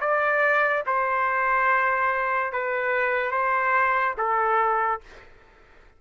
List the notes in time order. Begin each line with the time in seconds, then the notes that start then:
0.00 D5
0.86 C5
2.52 B4
3.31 C5
4.17 A4